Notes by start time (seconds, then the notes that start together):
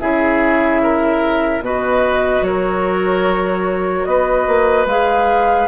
0.00 C#3 E4 G#4 E5
0.83 A#4
1.60 B2 F#4 B4 D#5
2.42 F#3 A#4 C#5
4.05 B3 B4 D#5
4.47 A#3
4.86 G#3 G#4 F5